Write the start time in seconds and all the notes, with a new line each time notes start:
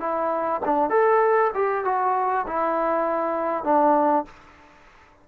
0.00 E4
0.65 D4
0.90 A4
1.54 G4
1.85 F#4
2.47 E4
3.64 D4